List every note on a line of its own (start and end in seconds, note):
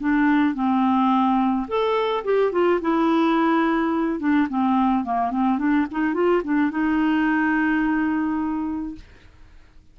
0.00 0.55 D4
0.55 1.67 C4
1.68 2.24 A4
2.25 2.52 G4
2.52 2.80 F4
2.82 4.20 E4
4.20 4.48 D4
4.49 5.04 C4
5.04 5.31 A#3
5.31 5.59 C4
5.59 5.87 D4
5.91 6.14 D#4
6.14 6.42 F4
6.44 6.71 D4
6.71 8.95 D#4